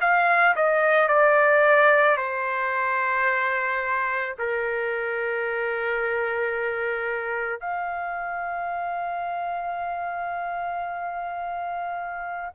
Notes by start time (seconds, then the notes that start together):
0.00 F5
0.56 D#5
1.08 D5
2.17 C5
4.38 A#4
7.60 F5